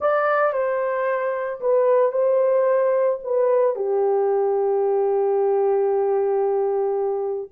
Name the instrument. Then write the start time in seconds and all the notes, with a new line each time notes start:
horn
0.00 D5
0.52 C5
1.60 B4
2.12 C5
3.23 B4
3.75 G4